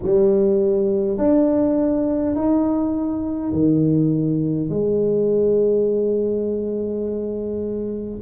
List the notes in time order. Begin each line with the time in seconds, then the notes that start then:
0.03 G3
1.18 D4
2.35 D#4
3.52 D#3
4.69 G#3